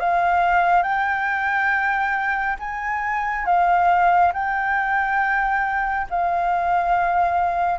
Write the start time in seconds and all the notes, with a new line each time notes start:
0.00 F5
0.83 G5
2.60 G#5
3.46 F5
4.34 G5
6.11 F5